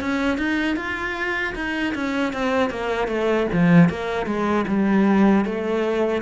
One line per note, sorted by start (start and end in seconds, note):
0.00 0.38 C#4
0.38 0.76 D#4
0.76 1.54 F4
1.55 1.94 D#4
1.94 2.33 C#4
2.33 2.70 C4
2.70 3.07 A#3
3.07 3.46 A3
3.52 3.89 F3
3.89 4.26 A#3
4.26 4.65 G#3
4.67 5.45 G3
5.45 6.21 A3